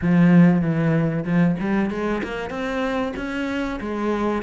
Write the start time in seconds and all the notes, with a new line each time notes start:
0.01 F3
0.61 E3
1.24 F3
1.59 G3
1.90 G#3
2.22 A#3
2.50 C4
3.16 C#4
3.80 G#3